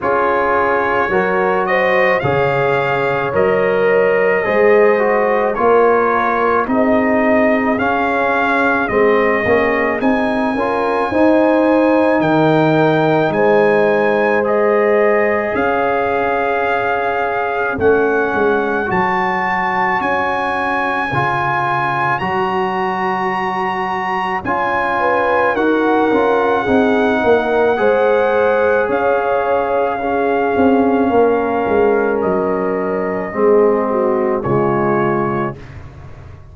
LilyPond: <<
  \new Staff \with { instrumentName = "trumpet" } { \time 4/4 \tempo 4 = 54 cis''4. dis''8 f''4 dis''4~ | dis''4 cis''4 dis''4 f''4 | dis''4 gis''2 g''4 | gis''4 dis''4 f''2 |
fis''4 a''4 gis''2 | ais''2 gis''4 fis''4~ | fis''2 f''2~ | f''4 dis''2 cis''4 | }
  \new Staff \with { instrumentName = "horn" } { \time 4/4 gis'4 ais'8 c''8 cis''2 | c''4 ais'4 gis'2~ | gis'4. ais'8 c''4 ais'4 | c''2 cis''2~ |
cis''1~ | cis''2~ cis''8 b'8 ais'4 | gis'8 ais'8 c''4 cis''4 gis'4 | ais'2 gis'8 fis'8 f'4 | }
  \new Staff \with { instrumentName = "trombone" } { \time 4/4 f'4 fis'4 gis'4 ais'4 | gis'8 fis'8 f'4 dis'4 cis'4 | c'8 cis'8 dis'8 f'8 dis'2~ | dis'4 gis'2. |
cis'4 fis'2 f'4 | fis'2 f'4 fis'8 f'8 | dis'4 gis'2 cis'4~ | cis'2 c'4 gis4 | }
  \new Staff \with { instrumentName = "tuba" } { \time 4/4 cis'4 fis4 cis4 fis4 | gis4 ais4 c'4 cis'4 | gis8 ais8 c'8 cis'8 dis'4 dis4 | gis2 cis'2 |
a8 gis8 fis4 cis'4 cis4 | fis2 cis'4 dis'8 cis'8 | c'8 ais8 gis4 cis'4. c'8 | ais8 gis8 fis4 gis4 cis4 | }
>>